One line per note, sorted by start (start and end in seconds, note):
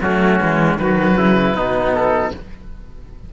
0.00 0.38 F#3
0.00 0.40 A3
0.00 0.80 C#4
0.00 0.77 F#4
0.40 0.76 E3
0.40 0.78 G#3
0.76 1.14 D#3
0.76 1.54 F#3
0.76 1.17 F#4
0.76 1.93 B4
1.16 1.54 C#3
1.16 1.56 E4
1.54 2.32 B2
1.54 2.31 B3
1.54 2.33 D#4
1.94 2.32 A4